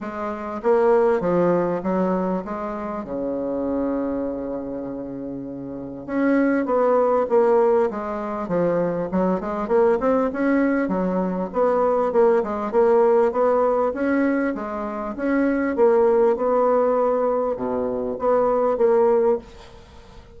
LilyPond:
\new Staff \with { instrumentName = "bassoon" } { \time 4/4 \tempo 4 = 99 gis4 ais4 f4 fis4 | gis4 cis2.~ | cis2 cis'4 b4 | ais4 gis4 f4 fis8 gis8 |
ais8 c'8 cis'4 fis4 b4 | ais8 gis8 ais4 b4 cis'4 | gis4 cis'4 ais4 b4~ | b4 b,4 b4 ais4 | }